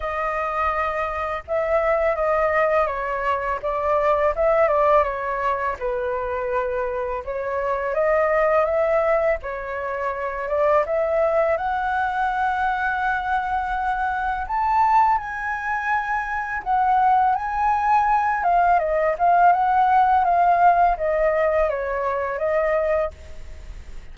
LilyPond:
\new Staff \with { instrumentName = "flute" } { \time 4/4 \tempo 4 = 83 dis''2 e''4 dis''4 | cis''4 d''4 e''8 d''8 cis''4 | b'2 cis''4 dis''4 | e''4 cis''4. d''8 e''4 |
fis''1 | a''4 gis''2 fis''4 | gis''4. f''8 dis''8 f''8 fis''4 | f''4 dis''4 cis''4 dis''4 | }